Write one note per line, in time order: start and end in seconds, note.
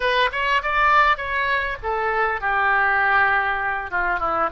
0.00 0.29 B4
0.32 0.62 C#5
0.62 1.17 D5
1.17 1.77 C#5
1.82 2.41 A4
2.41 3.90 G4
3.90 4.19 F4
4.19 4.49 E4